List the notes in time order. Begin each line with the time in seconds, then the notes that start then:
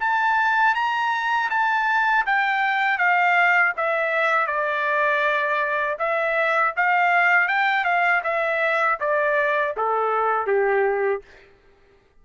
0.00 A5
0.75 A#5
1.50 A5
2.26 G5
2.98 F5
3.77 E5
4.47 D5
5.99 E5
6.76 F5
7.48 G5
7.84 F5
8.24 E5
9.00 D5
9.77 A4
10.47 G4